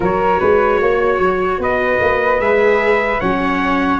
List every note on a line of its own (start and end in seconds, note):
0.00 0.39 F#3
0.00 2.38 F#4
0.00 0.39 A#4
0.00 1.62 C#5
0.39 0.81 G#3
0.39 0.79 B4
0.81 1.19 A#3
0.81 1.61 C#5
1.19 1.58 F#3
1.58 1.98 B3
1.58 3.20 B4
1.58 2.40 D#5
2.00 2.39 A#3
2.39 3.19 G#3
2.39 3.21 G#4
2.39 3.20 E5
3.20 4.00 F#3
3.20 4.00 C#4
3.20 4.00 C#5
3.20 4.00 F#5